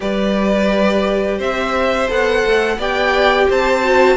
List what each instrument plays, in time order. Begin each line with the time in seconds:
0.00 cello G3, viola G4, violin B4 D5
1.37 cello C4, violin C5 E5
2.08 cello B3, viola A4, violin F#5
2.45 cello A3
2.77 cello B3, viola G4, violin D5 G5
3.49 cello C4, violin C5 A5
3.83 viola F#4